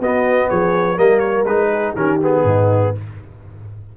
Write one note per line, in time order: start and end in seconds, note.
0.00 0.49 B3
0.00 0.97 B3
0.00 0.50 F#4
0.00 0.50 D#5
0.50 0.99 F3
0.50 0.98 G#4
0.50 0.99 C#5
0.97 1.45 G3
0.97 1.46 A#3
0.97 1.71 A#4
0.97 1.20 D#5
1.20 1.44 C#5
1.45 1.94 G#3
1.45 1.97 D#4
1.45 1.95 B4
1.71 1.96 G#4
1.96 2.44 D#3
1.96 2.21 C#4
1.96 2.46 G4
1.96 2.21 A#4
2.22 2.95 B3
2.22 2.97 G#4
2.45 2.93 G#2
2.45 2.95 D#4